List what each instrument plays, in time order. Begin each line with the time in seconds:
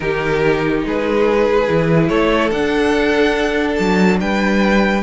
0.00 cello D#3, viola D#4, violin G4 A#4
0.85 cello G#3, violin G#4 B4
1.67 cello E3, viola E4
2.08 cello A3, violin A4 C#5
2.51 cello D4, viola D4, violin F#5
3.75 cello F#3, violin A5
4.20 cello G3, violin B4 G5